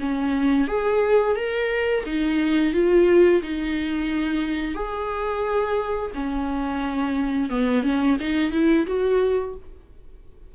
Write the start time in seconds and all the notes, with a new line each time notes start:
0.00 C#4
0.68 G#4
1.36 A#4
2.06 D#4
2.73 F4
3.42 D#4
4.75 G#4
6.15 C#4
7.50 B3
7.83 C#4
8.20 D#4
8.52 E4
8.87 F#4